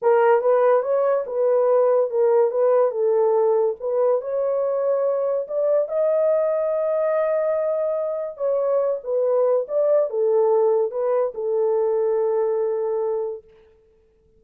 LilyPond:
\new Staff \with { instrumentName = "horn" } { \time 4/4 \tempo 4 = 143 ais'4 b'4 cis''4 b'4~ | b'4 ais'4 b'4 a'4~ | a'4 b'4 cis''2~ | cis''4 d''4 dis''2~ |
dis''1 | cis''4. b'4. d''4 | a'2 b'4 a'4~ | a'1 | }